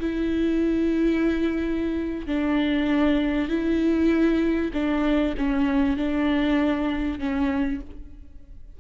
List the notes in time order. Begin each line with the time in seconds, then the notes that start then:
0.00 E4
2.27 D4
3.49 E4
4.74 D4
5.38 C#4
5.97 D4
7.19 C#4